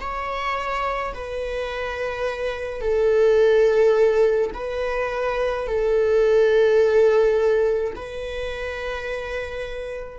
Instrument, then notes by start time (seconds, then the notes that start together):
viola
0.00 C#5
1.13 B4
2.80 A4
4.53 B4
5.67 A4
7.95 B4